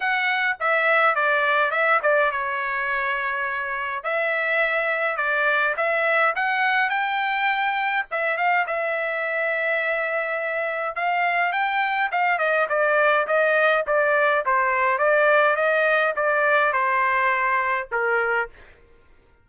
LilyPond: \new Staff \with { instrumentName = "trumpet" } { \time 4/4 \tempo 4 = 104 fis''4 e''4 d''4 e''8 d''8 | cis''2. e''4~ | e''4 d''4 e''4 fis''4 | g''2 e''8 f''8 e''4~ |
e''2. f''4 | g''4 f''8 dis''8 d''4 dis''4 | d''4 c''4 d''4 dis''4 | d''4 c''2 ais'4 | }